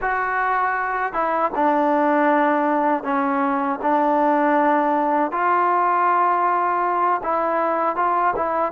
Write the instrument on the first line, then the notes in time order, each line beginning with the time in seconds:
trombone
0.01 F#4
1.13 E4
1.55 D4
3.03 C#4
3.81 D4
5.31 F4
7.23 E4
7.95 F4
8.35 E4